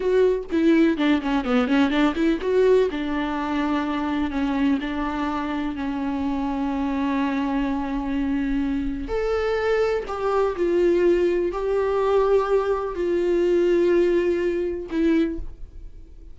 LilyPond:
\new Staff \with { instrumentName = "viola" } { \time 4/4 \tempo 4 = 125 fis'4 e'4 d'8 cis'8 b8 cis'8 | d'8 e'8 fis'4 d'2~ | d'4 cis'4 d'2 | cis'1~ |
cis'2. a'4~ | a'4 g'4 f'2 | g'2. f'4~ | f'2. e'4 | }